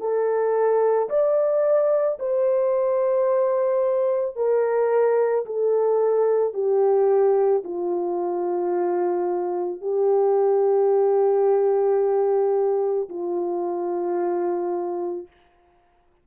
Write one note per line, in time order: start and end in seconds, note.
0.00 1.09 A4
1.09 2.18 D5
2.19 4.36 C5
4.36 5.45 A#4
5.45 6.54 A4
6.54 7.63 G4
7.64 9.81 F4
9.81 13.09 G4
13.09 15.27 F4